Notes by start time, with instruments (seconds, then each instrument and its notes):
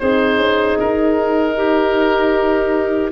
0.00 tuba C4, horn D#4, clarinet G#4, oboe C5
0.38 tuba C#4
0.80 tuba D#4, oboe A#4
1.56 clarinet G4